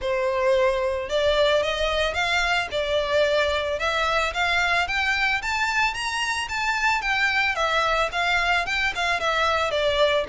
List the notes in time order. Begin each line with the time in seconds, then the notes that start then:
0.01 C5
1.09 D5
1.62 D#5
2.14 F5
2.71 D5
3.79 E5
4.33 F5
4.87 G5
5.42 A5
5.94 A#5
6.48 A5
7.01 G5
7.55 E5
8.12 F5
8.66 G5
8.95 F5
9.20 E5
9.70 D5